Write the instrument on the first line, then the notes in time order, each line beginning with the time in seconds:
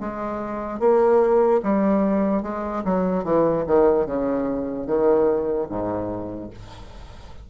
bassoon
0.00 G#3
0.79 A#3
1.62 G3
2.42 G#3
2.84 F#3
3.24 E3
3.67 D#3
4.06 C#3
4.86 D#3
5.69 G#2